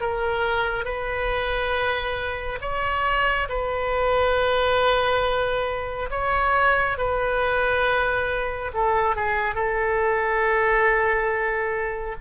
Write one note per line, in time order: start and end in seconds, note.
0.00 0.85 A#4
0.85 2.58 B4
2.61 3.48 C#5
3.49 6.09 B4
6.10 6.97 C#5
6.97 8.71 B4
8.74 9.15 A4
9.15 9.55 G#4
9.55 12.15 A4